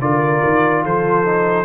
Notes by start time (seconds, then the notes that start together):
0.00 D3 F4 A#4 D5
0.44 D#3
0.84 F3 A4 C5
1.26 D#4